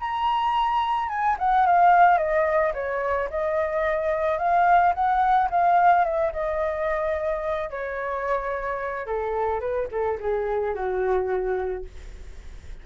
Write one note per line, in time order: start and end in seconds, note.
0.00 1.09 A#5
1.09 1.37 G#5
1.39 1.66 F#5
1.66 2.18 F5
2.18 2.73 D#5
2.74 3.29 C#5
3.30 4.39 D#5
4.39 4.94 F5
4.94 5.49 F#5
5.50 6.05 F5
6.05 6.33 E5
6.33 7.70 D#5
7.70 9.07 C#5
9.07 9.61 A4
9.61 9.88 B4
9.92 10.19 A4
10.20 10.75 G#4
10.75 11.85 F#4